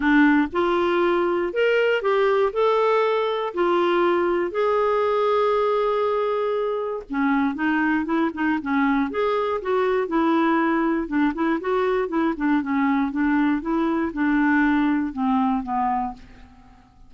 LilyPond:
\new Staff \with { instrumentName = "clarinet" } { \time 4/4 \tempo 4 = 119 d'4 f'2 ais'4 | g'4 a'2 f'4~ | f'4 gis'2.~ | gis'2 cis'4 dis'4 |
e'8 dis'8 cis'4 gis'4 fis'4 | e'2 d'8 e'8 fis'4 | e'8 d'8 cis'4 d'4 e'4 | d'2 c'4 b4 | }